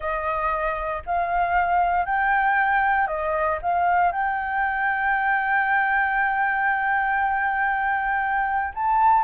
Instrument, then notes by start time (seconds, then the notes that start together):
flute
0.00 D#5
1.05 F5
2.05 G5
3.07 D#5
3.62 F5
4.12 G5
8.74 A5